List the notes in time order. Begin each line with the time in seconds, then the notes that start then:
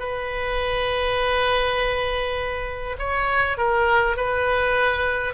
0.00 B4
2.99 C#5
3.58 A#4
4.17 B4